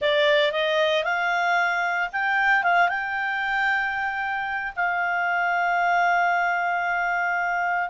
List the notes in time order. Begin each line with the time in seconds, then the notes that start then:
0.01 D5
0.51 D#5
1.04 F5
2.12 G5
2.63 F5
2.88 G5
4.76 F5